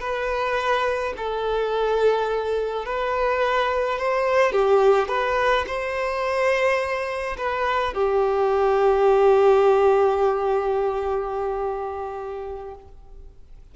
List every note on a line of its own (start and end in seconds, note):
0.00 1.13 B4
1.17 2.85 A4
2.85 3.98 B4
3.98 4.52 C5
4.52 5.08 G4
5.08 5.64 B4
5.67 7.36 C5
7.37 7.93 B4
7.93 12.75 G4